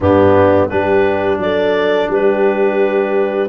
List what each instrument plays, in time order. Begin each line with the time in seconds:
0.00 tuba G2, trombone B3, horn D4, clarinet G4
0.68 tuba G3, trombone D4, horn G4, clarinet B4
1.38 tuba F#3, horn A4, clarinet D5
2.09 tuba G3, horn G4, clarinet B4